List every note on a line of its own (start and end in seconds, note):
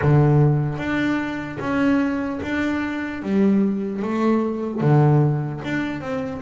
0.01 0.77 D3
0.77 1.57 D4
1.60 2.40 C#4
2.42 3.22 D4
3.22 4.02 G3
4.02 4.80 A3
4.80 5.60 D3
5.64 6.00 D4
6.00 6.40 C4